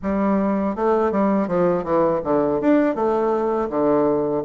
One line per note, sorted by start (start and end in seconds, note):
0.02 0.75 G3
0.75 1.11 A3
1.11 1.47 G3
1.47 1.84 F3
1.84 2.21 E3
2.24 2.61 D3
2.61 2.95 D4
2.95 3.69 A3
3.69 4.43 D3